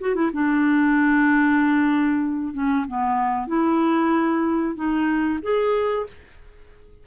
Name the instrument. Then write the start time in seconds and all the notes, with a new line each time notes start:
clarinet
0.00 F#4
0.14 E4
0.33 D4
2.53 C#4
2.87 B3
3.47 E4
4.75 D#4
5.42 G#4